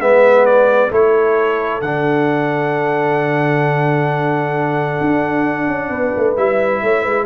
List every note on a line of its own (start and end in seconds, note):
0.00 0.91 G#3
0.00 0.91 B3
0.00 0.91 B4
0.00 0.46 E5
0.46 0.92 D5
0.91 1.82 A3
0.91 1.82 E4
0.91 5.91 A4
0.91 1.82 C#5
1.82 5.00 D3
1.82 6.38 D4
1.82 6.36 F#5
5.01 5.68 D4
5.68 5.90 C#4
5.90 6.13 B3
5.90 6.83 B4
6.17 6.38 A3
6.37 6.83 G3
6.37 7.26 E4
6.37 7.26 E5
6.83 7.05 A3
6.83 7.03 C#5
7.03 7.26 G#3
7.03 7.25 B4